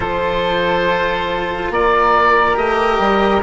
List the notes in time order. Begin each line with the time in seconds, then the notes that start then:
0.00 F3 F4 A4 C5
1.70 A#3 A#4 D5
2.54 A3 G4 D#5
2.99 G3